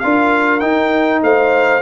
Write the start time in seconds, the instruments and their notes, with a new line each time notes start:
0.00 tuba D4, trombone F4, horn A#4, trumpet F5
0.60 trombone D#4, tuba D#4, trumpet G5
1.22 tuba A3, horn C5, trumpet F5